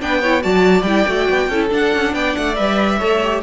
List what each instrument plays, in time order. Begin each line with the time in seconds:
0.00 cello B3, viola D4, violin B4 G5
0.21 viola E4, violin C#5
0.41 cello F#3, viola F#4, violin D5 A5
0.82 cello G3, viola E4, violin G5
1.07 cello A3, viola F#4
1.30 cello B3
1.49 cello C#4, viola E4, violin A4
1.69 viola D4, cello D4, violin F#5
1.95 cello C#4
2.14 cello B3, violin D5 G5
2.36 cello A3, violin F#5
2.55 cello G3, viola B4, violin E5
2.98 cello A3, viola A4, violin C#5
3.23 viola G4